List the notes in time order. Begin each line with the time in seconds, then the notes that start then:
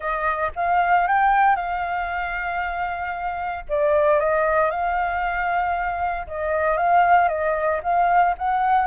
0.00 D#5
0.55 F5
1.07 G5
1.55 F5
3.68 D5
4.19 D#5
4.70 F5
6.27 D#5
6.77 F5
7.28 D#5
7.83 F5
8.37 F#5